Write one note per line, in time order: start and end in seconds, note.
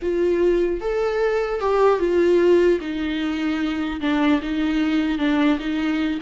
0.02 0.80 F4
0.80 1.60 A4
1.60 1.99 G4
1.99 2.79 F4
2.80 4.00 D#4
4.01 4.41 D4
4.41 5.18 D#4
5.18 5.58 D4
5.59 6.19 D#4